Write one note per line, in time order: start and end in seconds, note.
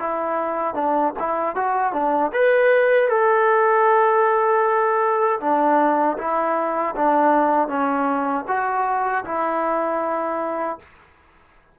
0.00 0.75 E4
0.75 1.13 D4
1.20 1.56 E4
1.56 1.93 F#4
1.93 2.32 D4
2.33 3.09 B4
3.09 5.40 A4
5.41 6.17 D4
6.18 6.95 E4
6.96 7.69 D4
7.69 8.45 C#4
8.48 9.25 F#4
9.25 10.79 E4